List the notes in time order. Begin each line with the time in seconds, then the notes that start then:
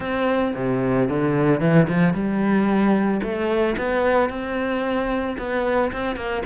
0.00 C4
0.55 C3
1.08 D3
1.60 E3
1.88 F3
2.13 G3
3.22 A3
3.77 B3
4.29 C4
5.37 B3
5.92 C4
6.16 A#3